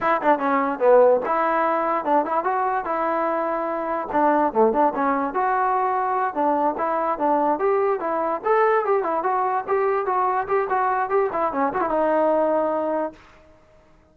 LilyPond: \new Staff \with { instrumentName = "trombone" } { \time 4/4 \tempo 4 = 146 e'8 d'8 cis'4 b4 e'4~ | e'4 d'8 e'8 fis'4 e'4~ | e'2 d'4 a8 d'8 | cis'4 fis'2~ fis'8 d'8~ |
d'8 e'4 d'4 g'4 e'8~ | e'8 a'4 g'8 e'8 fis'4 g'8~ | g'8 fis'4 g'8 fis'4 g'8 e'8 | cis'8 fis'16 e'16 dis'2. | }